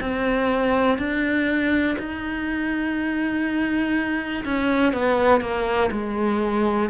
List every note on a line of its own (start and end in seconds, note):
0.00 0.98 C4
0.98 1.97 D4
1.99 4.44 D#4
4.44 4.93 C#4
4.93 5.41 B3
5.41 5.90 A#3
5.92 6.90 G#3